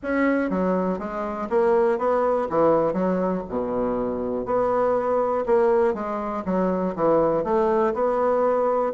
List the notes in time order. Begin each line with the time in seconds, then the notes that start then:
0.02 C#4
0.50 F#3
0.98 G#3
1.49 A#3
1.98 B3
2.49 E3
2.93 F#3
3.48 B2
4.45 B3
5.45 A#3
5.94 G#3
6.45 F#3
6.95 E3
7.44 A3
7.93 B3